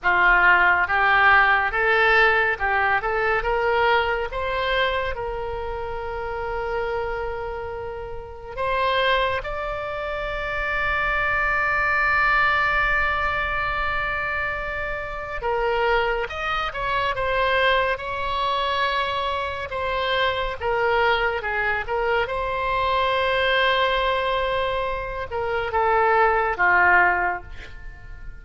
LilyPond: \new Staff \with { instrumentName = "oboe" } { \time 4/4 \tempo 4 = 70 f'4 g'4 a'4 g'8 a'8 | ais'4 c''4 ais'2~ | ais'2 c''4 d''4~ | d''1~ |
d''2 ais'4 dis''8 cis''8 | c''4 cis''2 c''4 | ais'4 gis'8 ais'8 c''2~ | c''4. ais'8 a'4 f'4 | }